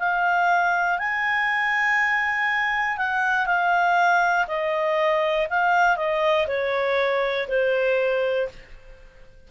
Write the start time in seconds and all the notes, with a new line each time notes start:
0.00 F5
0.99 G#5
2.98 F#5
3.47 F5
4.48 D#5
5.50 F5
5.97 D#5
6.48 C#5
7.49 C5